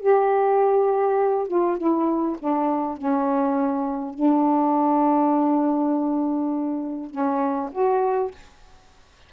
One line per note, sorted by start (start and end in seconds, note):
0.00 1.48 G4
1.48 1.78 F4
1.78 2.37 E4
2.39 2.98 D4
2.98 4.14 C#4
4.14 7.11 D4
7.11 7.70 C#4
7.72 8.32 F#4